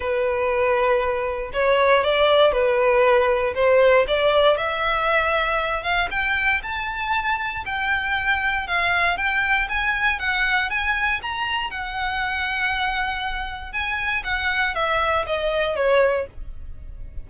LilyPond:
\new Staff \with { instrumentName = "violin" } { \time 4/4 \tempo 4 = 118 b'2. cis''4 | d''4 b'2 c''4 | d''4 e''2~ e''8 f''8 | g''4 a''2 g''4~ |
g''4 f''4 g''4 gis''4 | fis''4 gis''4 ais''4 fis''4~ | fis''2. gis''4 | fis''4 e''4 dis''4 cis''4 | }